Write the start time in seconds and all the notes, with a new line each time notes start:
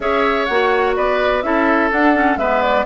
0.00 C#4 G#4 C#5 E5
0.45 A#3 F#4 F#5
0.96 B3 B4 D5
1.42 C#4 E4 A4 E5
1.91 D4 F#5
2.14 C#4
2.36 G#3 B3 B4 E5
2.61 D5